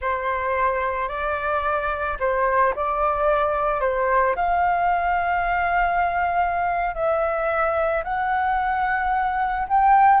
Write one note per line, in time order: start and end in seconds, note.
0.01 1.08 C5
1.08 2.17 D5
2.19 2.74 C5
2.75 3.80 D5
3.80 4.35 C5
4.35 6.94 F5
6.94 8.03 E5
8.04 9.67 F#5
9.68 10.20 G5